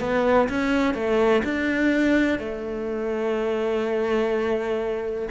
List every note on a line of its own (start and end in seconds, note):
0.00 0.48 B3
0.49 0.94 C#4
0.94 1.43 A3
1.44 2.38 D4
2.38 5.29 A3